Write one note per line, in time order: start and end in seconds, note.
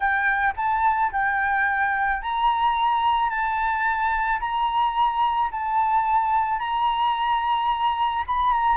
0.00 0.53 G5
0.56 1.11 A5
1.12 2.22 G5
2.22 3.29 A#5
3.29 4.39 A5
4.40 5.50 A#5
5.51 6.59 A5
6.59 8.24 A#5
8.26 8.52 B5
8.52 8.77 A#5